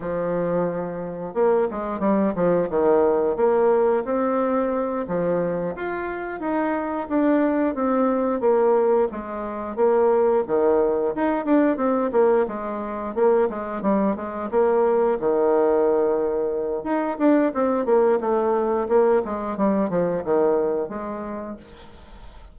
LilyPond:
\new Staff \with { instrumentName = "bassoon" } { \time 4/4 \tempo 4 = 89 f2 ais8 gis8 g8 f8 | dis4 ais4 c'4. f8~ | f8 f'4 dis'4 d'4 c'8~ | c'8 ais4 gis4 ais4 dis8~ |
dis8 dis'8 d'8 c'8 ais8 gis4 ais8 | gis8 g8 gis8 ais4 dis4.~ | dis4 dis'8 d'8 c'8 ais8 a4 | ais8 gis8 g8 f8 dis4 gis4 | }